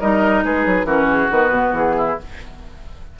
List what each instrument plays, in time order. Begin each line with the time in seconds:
0.00 bassoon G3, clarinet D#4, oboe A#4, flute D#5
0.44 bassoon G#3, oboe G#4, flute B4
0.66 bassoon F#3
0.84 bassoon E3, clarinet C#4, oboe F#4, flute A#4
1.10 flute G#4
1.31 bassoon D#3, clarinet B3, flute B4
1.51 bassoon B2
1.73 bassoon E3, flute G#4
1.98 oboe E4